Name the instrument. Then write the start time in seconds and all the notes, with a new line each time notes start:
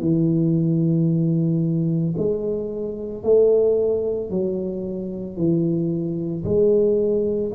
tuba
0.00 E3
2.17 G#3
3.23 A3
4.30 F#3
5.37 E3
6.44 G#3